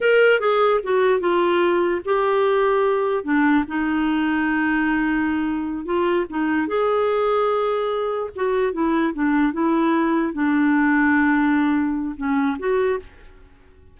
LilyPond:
\new Staff \with { instrumentName = "clarinet" } { \time 4/4 \tempo 4 = 148 ais'4 gis'4 fis'4 f'4~ | f'4 g'2. | d'4 dis'2.~ | dis'2~ dis'8 f'4 dis'8~ |
dis'8 gis'2.~ gis'8~ | gis'8 fis'4 e'4 d'4 e'8~ | e'4. d'2~ d'8~ | d'2 cis'4 fis'4 | }